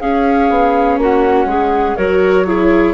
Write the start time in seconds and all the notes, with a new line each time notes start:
0.00 C#4 G#4 F5
0.50 B3
0.98 A#3 F#4 F#5
1.45 G#3 G#4
1.96 F#3 F#4 A#4 C#5
2.46 E4 G#4